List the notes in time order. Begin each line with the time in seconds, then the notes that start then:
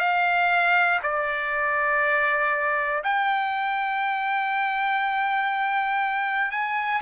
0.00 F5
1.03 D5
3.04 G5
6.52 G#5